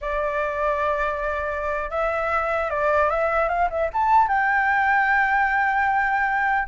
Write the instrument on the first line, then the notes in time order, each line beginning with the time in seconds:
flute
0.01 D5
1.90 E5
2.69 D5
3.09 E5
3.49 F5
3.69 E5
3.93 A5
4.28 G5